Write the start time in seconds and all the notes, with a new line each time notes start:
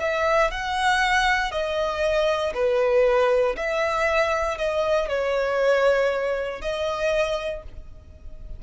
0.00 E5
0.51 F#5
1.52 D#5
2.54 B4
3.56 E5
4.58 D#5
5.09 C#5
6.61 D#5